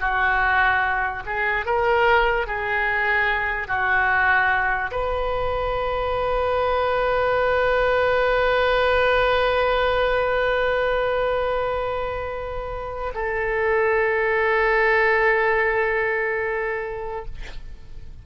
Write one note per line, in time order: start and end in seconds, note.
0.00 1.23 F#4
1.26 1.66 G#4
1.66 2.47 A#4
2.47 3.67 G#4
3.67 4.91 F#4
4.91 13.13 B4
13.14 17.25 A4